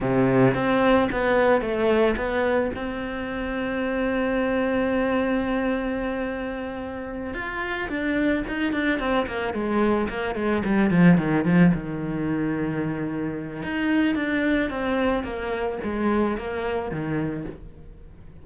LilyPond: \new Staff \with { instrumentName = "cello" } { \time 4/4 \tempo 4 = 110 c4 c'4 b4 a4 | b4 c'2.~ | c'1~ | c'4. f'4 d'4 dis'8 |
d'8 c'8 ais8 gis4 ais8 gis8 g8 | f8 dis8 f8 dis2~ dis8~ | dis4 dis'4 d'4 c'4 | ais4 gis4 ais4 dis4 | }